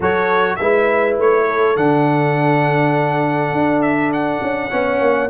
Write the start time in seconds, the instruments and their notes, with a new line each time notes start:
0.00 tuba F#3, trombone F#4, horn A4, trumpet C#5
0.56 tuba G#3, trombone E4, horn B4, trumpet E5
1.18 tuba A3, trumpet C#5
1.47 horn A4
1.76 tuba D3, trombone D4, trumpet F#5
3.51 tuba D4
3.81 trumpet E5
4.12 trumpet F#5
4.42 tuba C#4
4.70 tuba B3, trombone C#4, horn C#5
5.00 tuba A#3